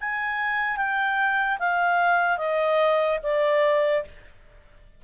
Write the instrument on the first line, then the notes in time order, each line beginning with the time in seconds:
clarinet
0.00 G#5
0.77 G5
1.59 F5
2.38 D#5
3.22 D5